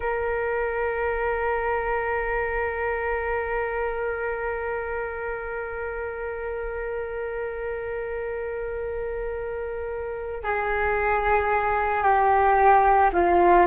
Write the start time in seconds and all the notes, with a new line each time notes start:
0.00 A#4
10.43 G#4
12.03 G4
13.12 F4